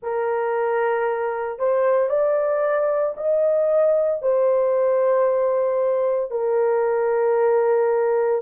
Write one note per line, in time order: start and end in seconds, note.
0.02 1.58 A#4
1.58 2.09 C5
2.09 3.14 D5
3.16 4.22 D#5
4.22 6.31 C5
6.31 8.41 A#4